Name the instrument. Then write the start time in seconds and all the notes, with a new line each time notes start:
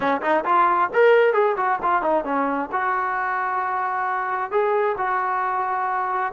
trombone
0.00 C#4
0.21 D#4
0.44 F4
0.93 A#4
1.33 G#4
1.56 F#4
1.82 F4
2.01 D#4
2.24 C#4
2.72 F#4
4.51 G#4
4.97 F#4